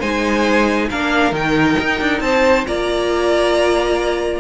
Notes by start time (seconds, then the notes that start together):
0.00 G#3 D#4 C5 G#5
0.90 A#3 D4 A#4 F5
1.32 D#3 D#4 G5
1.80 D#4
2.01 D4
2.20 C4 C5 A5
2.67 A#3 F4 D5 A#5